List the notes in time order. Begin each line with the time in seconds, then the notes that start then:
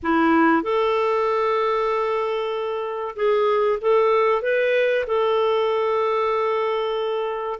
0.02 E4
0.62 A4
3.16 G#4
3.81 A4
4.42 B4
5.06 A4